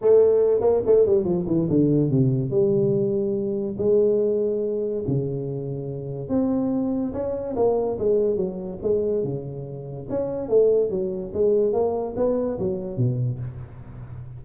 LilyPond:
\new Staff \with { instrumentName = "tuba" } { \time 4/4 \tempo 4 = 143 a4. ais8 a8 g8 f8 e8 | d4 c4 g2~ | g4 gis2. | cis2. c'4~ |
c'4 cis'4 ais4 gis4 | fis4 gis4 cis2 | cis'4 a4 fis4 gis4 | ais4 b4 fis4 b,4 | }